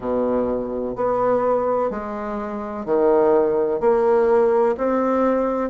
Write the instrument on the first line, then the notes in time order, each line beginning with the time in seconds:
bassoon
0.00 B2
0.95 B3
1.90 G#3
2.85 D#3
3.80 A#3
4.77 C4